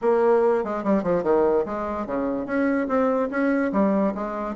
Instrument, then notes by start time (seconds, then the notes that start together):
bassoon
0.01 A#3
0.64 G#3
0.83 G3
1.03 F3
1.23 D#3
1.65 G#3
2.06 C#3
2.46 C#4
2.88 C4
3.30 C#4
3.72 G3
4.14 G#3